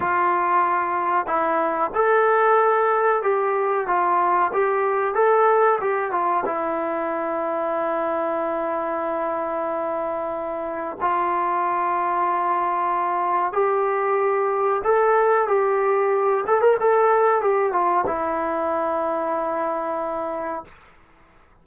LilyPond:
\new Staff \with { instrumentName = "trombone" } { \time 4/4 \tempo 4 = 93 f'2 e'4 a'4~ | a'4 g'4 f'4 g'4 | a'4 g'8 f'8 e'2~ | e'1~ |
e'4 f'2.~ | f'4 g'2 a'4 | g'4. a'16 ais'16 a'4 g'8 f'8 | e'1 | }